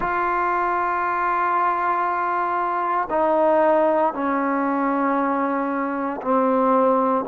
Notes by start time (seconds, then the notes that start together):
0.00 F4
3.10 D#4
4.13 C#4
6.21 C4